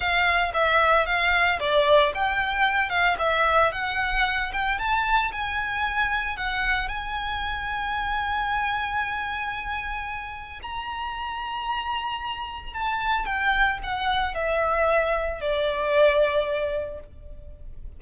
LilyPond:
\new Staff \with { instrumentName = "violin" } { \time 4/4 \tempo 4 = 113 f''4 e''4 f''4 d''4 | g''4. f''8 e''4 fis''4~ | fis''8 g''8 a''4 gis''2 | fis''4 gis''2.~ |
gis''1 | ais''1 | a''4 g''4 fis''4 e''4~ | e''4 d''2. | }